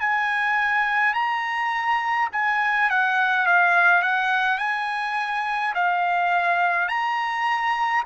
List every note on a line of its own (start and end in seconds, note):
0.00 1.14 G#5
1.14 2.29 A#5
2.32 2.90 G#5
2.90 3.46 F#5
3.46 4.02 F5
4.02 4.58 F#5
4.58 5.74 G#5
5.75 6.88 F5
6.88 8.03 A#5